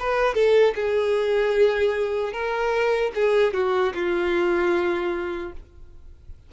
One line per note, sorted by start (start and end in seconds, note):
0.00 0.35 B4
0.35 0.75 A4
0.76 2.33 G#4
2.33 3.12 A#4
3.15 3.54 G#4
3.54 3.94 F#4
3.95 5.53 F4